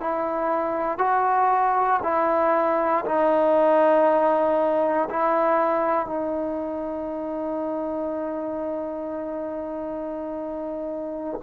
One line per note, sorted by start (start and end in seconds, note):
0.00 0.98 E4
0.98 2.00 F#4
2.02 3.04 E4
3.05 5.08 D#4
5.10 6.06 E4
6.06 11.40 D#4